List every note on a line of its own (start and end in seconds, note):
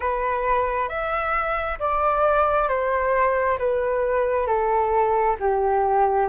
0.00 0.88 B4
0.88 1.78 E5
1.79 2.68 D5
2.68 3.57 C5
3.58 4.47 B4
4.47 5.36 A4
5.39 6.29 G4